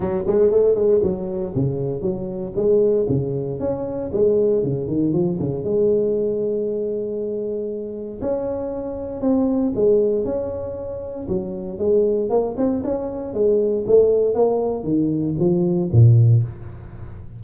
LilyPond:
\new Staff \with { instrumentName = "tuba" } { \time 4/4 \tempo 4 = 117 fis8 gis8 a8 gis8 fis4 cis4 | fis4 gis4 cis4 cis'4 | gis4 cis8 dis8 f8 cis8 gis4~ | gis1 |
cis'2 c'4 gis4 | cis'2 fis4 gis4 | ais8 c'8 cis'4 gis4 a4 | ais4 dis4 f4 ais,4 | }